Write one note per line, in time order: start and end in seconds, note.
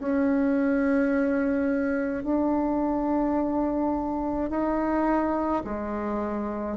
0.00 2.24 C#4
2.24 4.50 D4
4.50 5.63 D#4
5.64 6.78 G#3